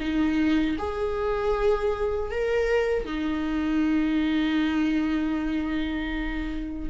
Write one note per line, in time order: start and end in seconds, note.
0.00 0.77 D#4
0.78 2.31 G#4
2.31 3.05 A#4
3.05 6.90 D#4